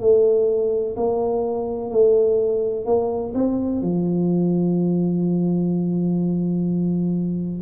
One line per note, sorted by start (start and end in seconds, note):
0.00 0.95 A3
0.96 1.90 A#3
1.90 2.85 A3
2.85 3.32 A#3
3.34 3.81 C4
3.81 7.61 F3